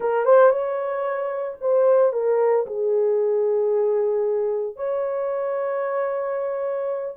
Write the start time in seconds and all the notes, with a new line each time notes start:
0.00 A#4
0.25 C5
0.50 C#5
1.60 C5
2.12 A#4
2.66 G#4
4.76 C#5